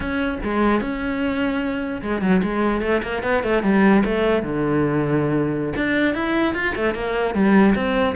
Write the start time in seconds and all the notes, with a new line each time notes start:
0.00 C#4
0.43 G#3
0.80 C#4
2.02 G#3
2.21 F#3
2.43 G#3
2.81 A3
3.02 A#3
3.23 B3
3.43 A3
3.63 G3
4.05 A3
4.42 D3
5.76 D4
6.14 E4
6.54 F4
6.75 A3
6.94 A#3
7.34 G3
7.75 C4